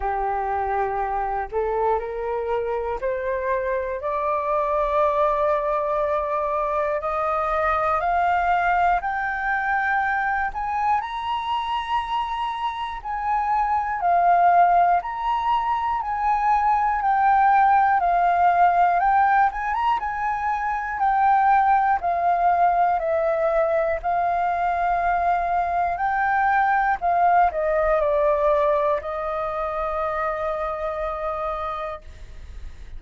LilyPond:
\new Staff \with { instrumentName = "flute" } { \time 4/4 \tempo 4 = 60 g'4. a'8 ais'4 c''4 | d''2. dis''4 | f''4 g''4. gis''8 ais''4~ | ais''4 gis''4 f''4 ais''4 |
gis''4 g''4 f''4 g''8 gis''16 ais''16 | gis''4 g''4 f''4 e''4 | f''2 g''4 f''8 dis''8 | d''4 dis''2. | }